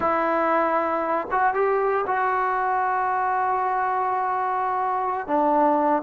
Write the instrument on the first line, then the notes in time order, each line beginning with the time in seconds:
trombone
0.00 E4
1.31 F#4
1.53 G4
2.07 F#4
5.27 D4